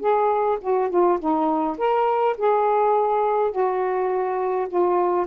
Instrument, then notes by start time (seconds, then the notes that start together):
saxophone
0.00 G#4
0.61 F#4
0.90 F4
1.19 D#4
1.78 A#4
2.37 G#4
3.51 F#4
4.68 F4